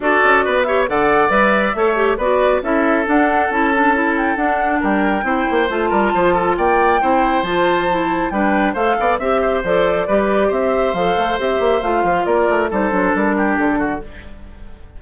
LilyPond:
<<
  \new Staff \with { instrumentName = "flute" } { \time 4/4 \tempo 4 = 137 d''4. e''8 fis''4 e''4~ | e''4 d''4 e''4 fis''4 | a''4. g''8 fis''4 g''4~ | g''4 a''2 g''4~ |
g''4 a''2 g''4 | f''4 e''4 d''2 | e''4 f''4 e''4 f''4 | d''4 c''4 ais'4 a'4 | }
  \new Staff \with { instrumentName = "oboe" } { \time 4/4 a'4 b'8 cis''8 d''2 | cis''4 b'4 a'2~ | a'2. ais'4 | c''4. ais'8 c''8 a'8 d''4 |
c''2. b'4 | c''8 d''8 e''8 c''4. b'4 | c''1 | ais'4 a'4. g'4 fis'8 | }
  \new Staff \with { instrumentName = "clarinet" } { \time 4/4 fis'4. g'8 a'4 b'4 | a'8 g'8 fis'4 e'4 d'4 | e'8 d'8 e'4 d'2 | e'4 f'2. |
e'4 f'4 e'4 d'4 | a'4 g'4 a'4 g'4~ | g'4 a'4 g'4 f'4~ | f'4 dis'8 d'2~ d'8 | }
  \new Staff \with { instrumentName = "bassoon" } { \time 4/4 d'8 cis'8 b4 d4 g4 | a4 b4 cis'4 d'4 | cis'2 d'4 g4 | c'8 ais8 a8 g8 f4 ais4 |
c'4 f2 g4 | a8 b8 c'4 f4 g4 | c'4 f8 a8 c'8 ais8 a8 f8 | ais8 a8 g8 fis8 g4 d4 | }
>>